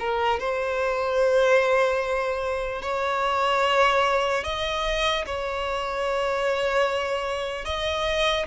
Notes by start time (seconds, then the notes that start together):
0.00 A#4
0.40 C5
2.82 C#5
4.44 D#5
5.26 C#5
7.65 D#5